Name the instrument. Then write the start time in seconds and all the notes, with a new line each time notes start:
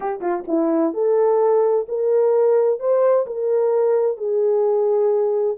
horn
0.00 G4
0.21 F4
0.47 E4
0.93 A4
1.88 A#4
2.79 C5
3.26 A#4
4.17 G#4